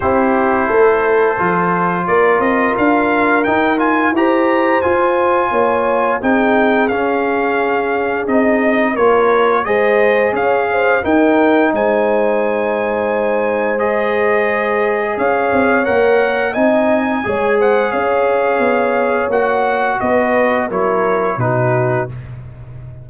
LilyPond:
<<
  \new Staff \with { instrumentName = "trumpet" } { \time 4/4 \tempo 4 = 87 c''2. d''8 dis''8 | f''4 g''8 gis''8 ais''4 gis''4~ | gis''4 g''4 f''2 | dis''4 cis''4 dis''4 f''4 |
g''4 gis''2. | dis''2 f''4 fis''4 | gis''4. fis''8 f''2 | fis''4 dis''4 cis''4 b'4 | }
  \new Staff \with { instrumentName = "horn" } { \time 4/4 g'4 a'2 ais'4~ | ais'2 c''2 | cis''4 gis'2.~ | gis'4 ais'4 c''4 cis''8 c''8 |
ais'4 c''2.~ | c''2 cis''2 | dis''4 cis''8 c''8 cis''2~ | cis''4 b'4 ais'4 fis'4 | }
  \new Staff \with { instrumentName = "trombone" } { \time 4/4 e'2 f'2~ | f'4 dis'8 f'8 g'4 f'4~ | f'4 dis'4 cis'2 | dis'4 f'4 gis'2 |
dis'1 | gis'2. ais'4 | dis'4 gis'2. | fis'2 e'4 dis'4 | }
  \new Staff \with { instrumentName = "tuba" } { \time 4/4 c'4 a4 f4 ais8 c'8 | d'4 dis'4 e'4 f'4 | ais4 c'4 cis'2 | c'4 ais4 gis4 cis'4 |
dis'4 gis2.~ | gis2 cis'8 c'8 ais4 | c'4 gis4 cis'4 b4 | ais4 b4 fis4 b,4 | }
>>